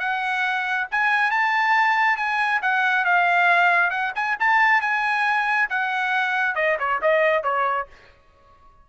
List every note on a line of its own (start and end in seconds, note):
0.00 0.88 F#5
0.92 1.31 G#5
1.31 2.17 A5
2.17 2.61 G#5
2.62 3.05 F#5
3.05 3.91 F5
3.91 4.13 F#5
4.16 4.38 G#5
4.40 4.82 A5
4.82 5.69 G#5
5.70 6.56 F#5
6.56 6.78 D#5
6.80 7.02 C#5
7.02 7.44 D#5
7.44 7.88 C#5